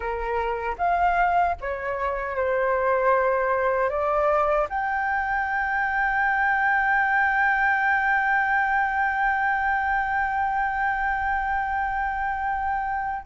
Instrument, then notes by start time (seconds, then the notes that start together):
flute
0.00 A#4
0.78 F5
1.60 C#5
2.36 C5
3.89 D5
4.69 G5